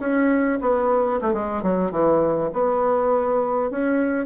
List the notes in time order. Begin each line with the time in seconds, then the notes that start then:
0.00 C#4
0.61 B3
1.21 A3
1.33 G#3
1.63 F#3
1.91 E3
2.53 B3
3.71 C#4